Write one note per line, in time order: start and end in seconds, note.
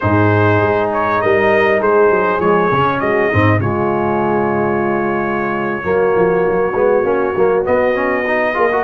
0.00 0.61 G#2
0.00 2.41 D#4
0.00 1.22 G#4
0.00 0.90 C5
0.61 1.21 G#3
0.92 1.21 C#5
1.21 1.81 G3
1.21 1.80 A#4
1.21 1.81 D#5
1.80 2.10 G#3
1.80 3.00 G#4
1.80 2.40 C5
2.10 2.39 F#3
2.39 2.69 F3
2.39 2.71 G#3
2.39 3.00 C#5
2.71 3.01 C#3
2.71 3.31 C#4
3.00 3.31 G#3
3.00 3.28 F#4
3.00 3.60 D#5
3.28 3.59 G#2
3.28 3.60 C4
3.28 3.58 D#4
3.59 5.84 C#3
3.59 5.82 G#3
3.59 5.86 F4
3.59 7.66 C#5
5.82 6.14 F#3
5.82 6.72 A#3
5.82 8.54 F#4
6.16 6.46 F3
6.47 6.73 F#3
6.73 7.03 G#3
6.73 7.03 B3
7.03 7.33 A#3
7.03 7.33 C#4
7.36 7.66 F#3
7.36 7.64 A#3
7.64 7.94 B3
7.64 8.57 B3
7.64 8.83 D#5
7.94 8.24 C#4
8.26 8.54 D#4
8.54 8.83 A#3
8.54 8.69 F4
8.54 8.69 G#4
8.71 8.83 F#4
8.71 8.83 A#4